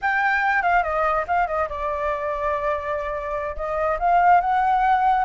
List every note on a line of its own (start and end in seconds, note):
0.01 0.62 G5
0.62 0.83 F5
0.83 1.25 D#5
1.27 1.47 F5
1.47 1.68 D#5
1.69 3.55 D5
3.55 3.97 D#5
3.99 4.40 F5
4.40 5.24 F#5